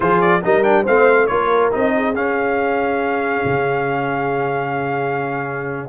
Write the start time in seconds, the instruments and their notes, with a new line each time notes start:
0.00 tuba F3, trombone F4, horn G#4, trumpet C5
0.20 trumpet D5
0.43 tuba G3, trombone D#4, horn A#4, trumpet D#5
0.63 trombone D4, trumpet G5
0.83 tuba A3, trombone C4, horn C5, trumpet F5
1.26 tuba A#3, trombone F4, horn A#4, trumpet C#5
1.71 tuba C4, trombone D#4, trumpet D#5
1.96 horn G#4
2.14 trombone C#4, tuba C#4, trumpet F5
3.44 tuba C#3